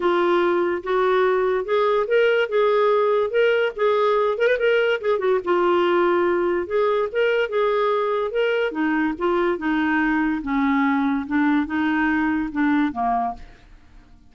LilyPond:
\new Staff \with { instrumentName = "clarinet" } { \time 4/4 \tempo 4 = 144 f'2 fis'2 | gis'4 ais'4 gis'2 | ais'4 gis'4. ais'16 b'16 ais'4 | gis'8 fis'8 f'2. |
gis'4 ais'4 gis'2 | ais'4 dis'4 f'4 dis'4~ | dis'4 cis'2 d'4 | dis'2 d'4 ais4 | }